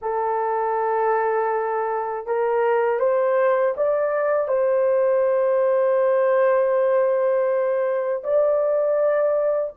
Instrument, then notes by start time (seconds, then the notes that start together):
horn
0.01 A4
2.26 A#4
2.99 C5
3.77 D5
4.48 C5
8.23 D5